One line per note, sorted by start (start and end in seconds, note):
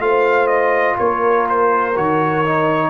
0.00 0.97 A3
0.00 1.94 F4
0.00 0.98 C5
0.00 0.47 F5
0.47 0.96 D#5
0.98 1.97 A#3
0.98 2.90 A#4
0.98 1.47 C#5
1.49 1.97 C5
1.96 2.90 D#3
1.96 2.44 F#4
1.96 2.90 C#5
2.45 2.90 D#4